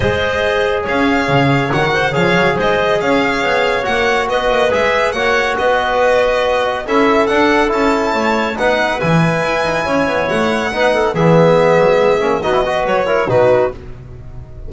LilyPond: <<
  \new Staff \with { instrumentName = "violin" } { \time 4/4 \tempo 4 = 140 dis''2 f''2 | fis''4 f''4 dis''4 f''4~ | f''4 fis''4 dis''4 e''4 | fis''4 dis''2. |
e''4 fis''4 a''2 | fis''4 gis''2. | fis''2 e''2~ | e''4 dis''4 cis''4 b'4 | }
  \new Staff \with { instrumentName = "clarinet" } { \time 4/4 c''2 cis''2~ | cis''8 c''8 cis''4 c''4 cis''4~ | cis''2 b'2 | cis''4 b'2. |
a'2. cis''4 | b'2. cis''4~ | cis''4 b'8 a'8 gis'2~ | gis'4 fis'8 b'4 ais'8 fis'4 | }
  \new Staff \with { instrumentName = "trombone" } { \time 4/4 gis'1 | fis'4 gis'2.~ | gis'4 fis'2 gis'4 | fis'1 |
e'4 d'4 e'2 | dis'4 e'2.~ | e'4 dis'4 b2~ | b8 cis'8 dis'16 e'16 fis'4 e'8 dis'4 | }
  \new Staff \with { instrumentName = "double bass" } { \time 4/4 gis2 cis'4 cis4 | dis4 f8 fis8 gis4 cis'4 | b4 ais4 b8 ais8 gis4 | ais4 b2. |
cis'4 d'4 cis'4 a4 | b4 e4 e'8 dis'8 cis'8 b8 | a4 b4 e4. fis8 | gis8 ais8 b4 fis4 b,4 | }
>>